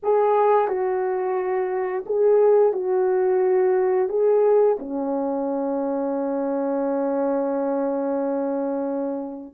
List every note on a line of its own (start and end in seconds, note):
0.02 0.68 G#4
0.68 2.04 F#4
2.05 2.72 G#4
2.72 4.08 F#4
4.08 4.77 G#4
4.79 9.54 C#4